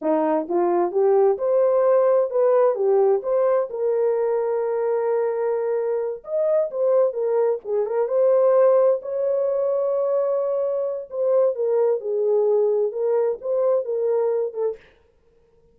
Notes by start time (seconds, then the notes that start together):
0.01 D#4
0.48 F4
0.91 G4
1.37 C5
2.30 B4
2.75 G4
3.22 C5
3.69 A#4
6.24 D#5
6.70 C5
7.13 A#4
7.64 G#4
7.86 A#4
8.08 C5
9.01 C#5
11.10 C5
11.55 A#4
12.00 G#4
12.92 A#4
13.41 C5
13.85 A#4
14.53 A4